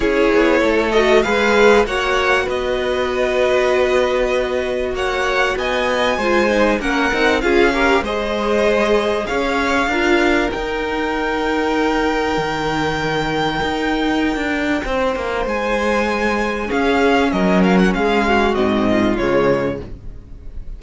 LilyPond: <<
  \new Staff \with { instrumentName = "violin" } { \time 4/4 \tempo 4 = 97 cis''4. dis''8 f''4 fis''4 | dis''1 | fis''4 gis''2 fis''4 | f''4 dis''2 f''4~ |
f''4 g''2.~ | g''1~ | g''4 gis''2 f''4 | dis''8 f''16 fis''16 f''4 dis''4 cis''4 | }
  \new Staff \with { instrumentName = "violin" } { \time 4/4 gis'4 a'4 b'4 cis''4 | b'1 | cis''4 dis''4 c''4 ais'4 | gis'8 ais'8 c''2 cis''4 |
ais'1~ | ais'1 | c''2. gis'4 | ais'4 gis'8 fis'4 f'4. | }
  \new Staff \with { instrumentName = "viola" } { \time 4/4 e'4. fis'8 gis'4 fis'4~ | fis'1~ | fis'2 f'8 dis'8 cis'8 dis'8 | f'8 g'8 gis'2. |
f'4 dis'2.~ | dis'1~ | dis'2. cis'4~ | cis'2 c'4 gis4 | }
  \new Staff \with { instrumentName = "cello" } { \time 4/4 cis'8 b8 a4 gis4 ais4 | b1 | ais4 b4 gis4 ais8 c'8 | cis'4 gis2 cis'4 |
d'4 dis'2. | dis2 dis'4~ dis'16 d'8. | c'8 ais8 gis2 cis'4 | fis4 gis4 gis,4 cis4 | }
>>